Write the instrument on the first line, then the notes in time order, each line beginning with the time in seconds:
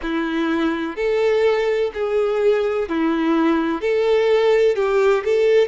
violin
0.02 E4
0.95 A4
1.94 G#4
2.88 E4
3.81 A4
4.75 G4
5.24 A4